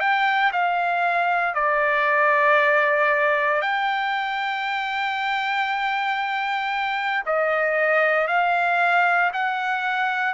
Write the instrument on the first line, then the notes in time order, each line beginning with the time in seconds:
trumpet
0.00 G5
0.53 F5
1.55 D5
3.62 G5
7.26 D#5
8.28 F5
9.34 F#5